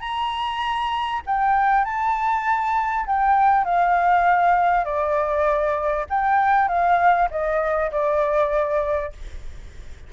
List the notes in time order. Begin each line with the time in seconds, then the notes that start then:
0.00 A#5
1.26 G5
1.84 A5
3.06 G5
3.64 F5
4.84 D5
6.09 G5
6.68 F5
7.30 D#5
7.91 D5